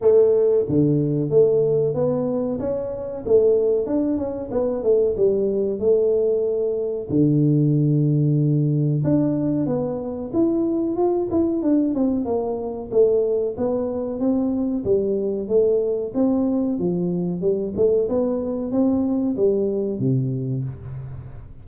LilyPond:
\new Staff \with { instrumentName = "tuba" } { \time 4/4 \tempo 4 = 93 a4 d4 a4 b4 | cis'4 a4 d'8 cis'8 b8 a8 | g4 a2 d4~ | d2 d'4 b4 |
e'4 f'8 e'8 d'8 c'8 ais4 | a4 b4 c'4 g4 | a4 c'4 f4 g8 a8 | b4 c'4 g4 c4 | }